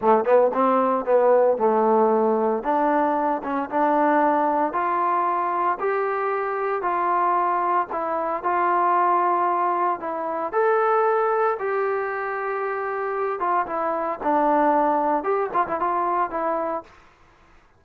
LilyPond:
\new Staff \with { instrumentName = "trombone" } { \time 4/4 \tempo 4 = 114 a8 b8 c'4 b4 a4~ | a4 d'4. cis'8 d'4~ | d'4 f'2 g'4~ | g'4 f'2 e'4 |
f'2. e'4 | a'2 g'2~ | g'4. f'8 e'4 d'4~ | d'4 g'8 f'16 e'16 f'4 e'4 | }